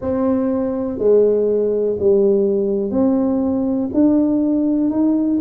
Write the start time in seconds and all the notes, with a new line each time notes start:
0.01 C4
0.98 G#3
1.99 G3
2.91 C4
3.93 D4
4.90 D#4